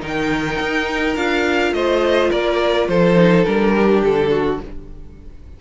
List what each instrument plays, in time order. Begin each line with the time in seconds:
0.00 cello D#3, viola D#4, violin A#4
0.07 violin G5
0.60 cello D#4
1.16 cello D4, viola F4, violin F5
1.72 cello A3, violin C5 D#5
2.30 cello A#3, violin A#4 D5
2.88 cello F3, violin A4 C5
3.16 viola D#4
3.44 cello G3, viola D4, violin A#4
3.74 violin G4
4.02 cello D3, violin A4
4.31 violin F#4